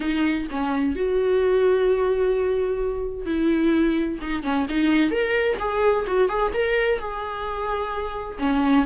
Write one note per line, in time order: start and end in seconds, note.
0.00 0.47 D#4
0.50 0.95 C#4
0.95 3.25 F#4
3.25 4.18 E4
4.21 4.43 D#4
4.43 4.66 C#4
4.68 5.10 D#4
5.10 5.57 A#4
5.59 6.05 G#4
6.07 6.29 F#4
6.29 6.52 G#4
6.53 6.98 A#4
6.98 8.38 G#4
8.38 8.85 C#4